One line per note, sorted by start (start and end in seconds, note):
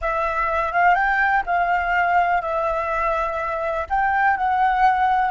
0.01 0.72 E5
0.72 0.95 F5
0.95 1.43 G5
1.46 2.41 F5
2.41 3.86 E5
3.89 4.36 G5
4.36 5.31 F#5